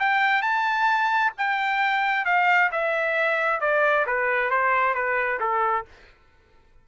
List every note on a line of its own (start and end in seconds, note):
0.00 0.42 G5
0.42 1.32 A5
1.38 2.26 G5
2.26 2.71 F5
2.72 3.61 E5
3.61 4.06 D5
4.07 4.51 B4
4.51 4.95 C5
4.95 5.40 B4
5.40 5.85 A4